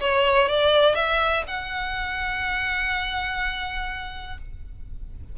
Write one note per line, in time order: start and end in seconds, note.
0.00 0.48 C#5
0.48 0.95 D5
0.95 1.43 E5
1.47 4.38 F#5